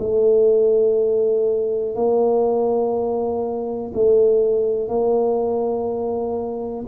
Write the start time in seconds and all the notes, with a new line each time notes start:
0.00 A3
1.95 A#3
3.94 A3
4.89 A#3